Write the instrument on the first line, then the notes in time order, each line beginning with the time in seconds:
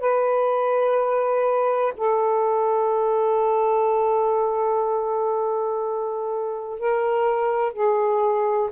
saxophone
0.00 B4
1.97 A4
6.80 A#4
7.73 G#4